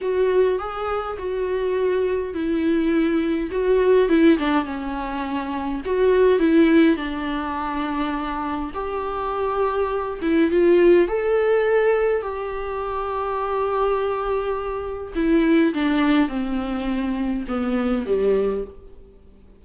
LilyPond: \new Staff \with { instrumentName = "viola" } { \time 4/4 \tempo 4 = 103 fis'4 gis'4 fis'2 | e'2 fis'4 e'8 d'8 | cis'2 fis'4 e'4 | d'2. g'4~ |
g'4. e'8 f'4 a'4~ | a'4 g'2.~ | g'2 e'4 d'4 | c'2 b4 g4 | }